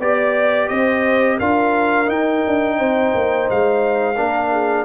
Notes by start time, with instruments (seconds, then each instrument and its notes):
0.00 tuba B3, trombone G4, horn D5, trumpet D5
0.69 tuba C4, horn C5, trumpet D#5
1.38 tuba D4, trombone F4, horn A#4, trumpet F5
2.06 trombone D#4, tuba D#4, trumpet G5
2.47 tuba D4
2.77 tuba C4, horn C5
3.15 tuba A#3
3.51 tuba G#3, trumpet F5
4.16 tuba A#3, trombone D4, horn A#4
4.52 horn G#4